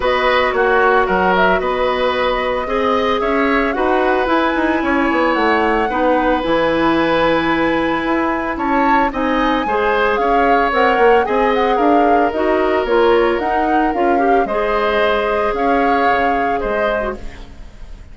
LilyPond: <<
  \new Staff \with { instrumentName = "flute" } { \time 4/4 \tempo 4 = 112 dis''4 cis''4 fis''8 e''8 dis''4~ | dis''2 e''4 fis''4 | gis''2 fis''2 | gis''1 |
a''4 gis''2 f''4 | fis''4 gis''8 fis''8 f''4 dis''4 | cis''4 fis''4 f''4 dis''4~ | dis''4 f''2 dis''4 | }
  \new Staff \with { instrumentName = "oboe" } { \time 4/4 b'4 fis'4 ais'4 b'4~ | b'4 dis''4 cis''4 b'4~ | b'4 cis''2 b'4~ | b'1 |
cis''4 dis''4 c''4 cis''4~ | cis''4 dis''4 ais'2~ | ais'2. c''4~ | c''4 cis''2 c''4 | }
  \new Staff \with { instrumentName = "clarinet" } { \time 4/4 fis'1~ | fis'4 gis'2 fis'4 | e'2. dis'4 | e'1~ |
e'4 dis'4 gis'2 | ais'4 gis'2 fis'4 | f'4 dis'4 f'8 g'8 gis'4~ | gis'2.~ gis'8. fis'16 | }
  \new Staff \with { instrumentName = "bassoon" } { \time 4/4 b4 ais4 fis4 b4~ | b4 c'4 cis'4 dis'4 | e'8 dis'8 cis'8 b8 a4 b4 | e2. e'4 |
cis'4 c'4 gis4 cis'4 | c'8 ais8 c'4 d'4 dis'4 | ais4 dis'4 cis'4 gis4~ | gis4 cis'4 cis4 gis4 | }
>>